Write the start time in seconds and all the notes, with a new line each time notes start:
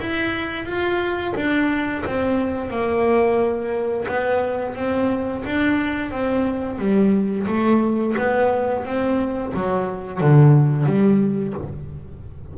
0.00 E4
0.65 F4
1.36 D4
2.06 C4
2.70 A#3
4.08 B3
4.75 C4
5.45 D4
6.11 C4
6.78 G3
7.47 A3
8.18 B3
8.85 C4
9.54 F#3
10.21 D3
10.86 G3